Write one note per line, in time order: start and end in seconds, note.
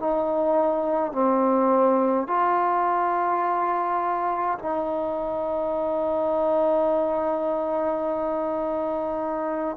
0.00 1.13 D#4
1.13 2.28 C4
2.28 4.59 F4
4.59 9.77 D#4